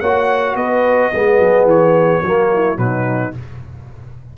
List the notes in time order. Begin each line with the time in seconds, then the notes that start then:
0.00 A#3 F#4 C#5 F#5
0.55 B3 B4 D#5
1.11 G#3 B3 G#4
1.39 F#3
1.65 E3 C#5
2.22 F#3 A#3 F#4
2.53 E4
2.76 B2 F#3 B4
2.82 D#4